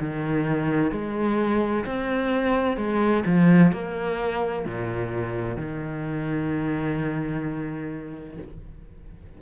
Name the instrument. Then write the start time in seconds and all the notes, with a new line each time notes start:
cello
0.00 D#3
0.91 G#3
1.85 C4
2.77 G#3
3.26 F3
3.72 A#3
4.65 A#2
5.56 D#3